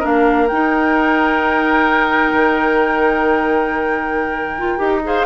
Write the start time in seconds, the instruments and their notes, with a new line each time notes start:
0.00 bassoon A#3, clarinet D4, oboe A#4, flute F5
0.48 bassoon D#4, clarinet D#4, flute G5
2.33 bassoon D#3
4.59 clarinet F4
4.78 bassoon D#4, clarinet G4
5.04 clarinet G#4, oboe C5, flute F5